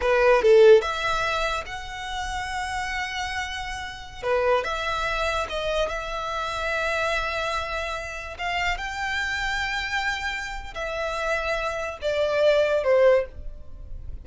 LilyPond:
\new Staff \with { instrumentName = "violin" } { \time 4/4 \tempo 4 = 145 b'4 a'4 e''2 | fis''1~ | fis''2~ fis''16 b'4 e''8.~ | e''4~ e''16 dis''4 e''4.~ e''16~ |
e''1~ | e''16 f''4 g''2~ g''8.~ | g''2 e''2~ | e''4 d''2 c''4 | }